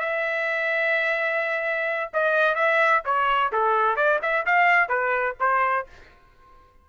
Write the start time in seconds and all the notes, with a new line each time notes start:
0.00 E5
2.13 D#5
2.55 E5
3.05 C#5
3.52 A4
3.96 D5
4.22 E5
4.46 F5
4.89 B4
5.40 C5